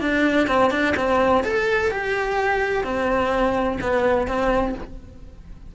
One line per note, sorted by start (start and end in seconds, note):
0.00 0.47 D4
0.47 0.70 C4
0.70 0.94 D4
0.96 1.43 C4
1.43 1.91 A4
1.91 2.84 G4
2.84 3.78 C4
3.81 4.27 B3
4.27 4.74 C4